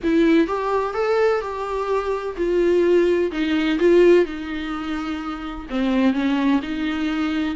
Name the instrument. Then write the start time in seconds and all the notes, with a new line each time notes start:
viola
0.03 E4
0.47 G4
0.94 A4
1.41 G4
2.36 F4
3.31 D#4
3.79 F4
4.25 D#4
5.70 C4
6.13 C#4
6.62 D#4